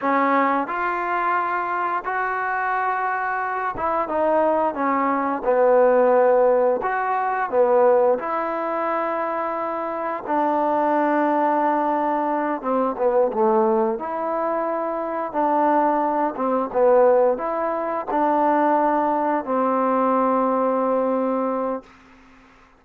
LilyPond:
\new Staff \with { instrumentName = "trombone" } { \time 4/4 \tempo 4 = 88 cis'4 f'2 fis'4~ | fis'4. e'8 dis'4 cis'4 | b2 fis'4 b4 | e'2. d'4~ |
d'2~ d'8 c'8 b8 a8~ | a8 e'2 d'4. | c'8 b4 e'4 d'4.~ | d'8 c'2.~ c'8 | }